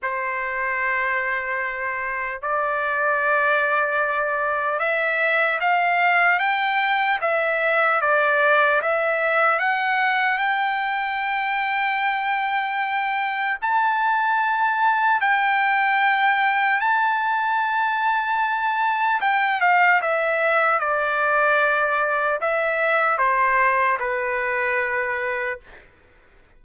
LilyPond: \new Staff \with { instrumentName = "trumpet" } { \time 4/4 \tempo 4 = 75 c''2. d''4~ | d''2 e''4 f''4 | g''4 e''4 d''4 e''4 | fis''4 g''2.~ |
g''4 a''2 g''4~ | g''4 a''2. | g''8 f''8 e''4 d''2 | e''4 c''4 b'2 | }